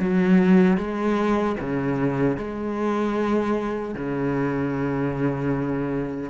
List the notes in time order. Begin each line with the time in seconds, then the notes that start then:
0.00 F#3
0.78 G#3
1.60 C#3
2.37 G#3
3.95 C#3